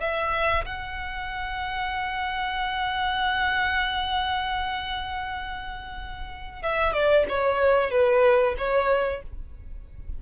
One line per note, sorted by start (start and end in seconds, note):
0.00 0.65 E5
0.65 6.62 F#5
6.62 6.93 E5
6.93 7.26 D5
7.28 7.90 C#5
7.90 8.55 B4
8.57 9.22 C#5